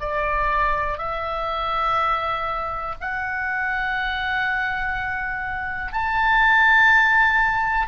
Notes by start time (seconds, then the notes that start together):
0.00 D5
0.98 E5
3.00 F#5
5.92 A5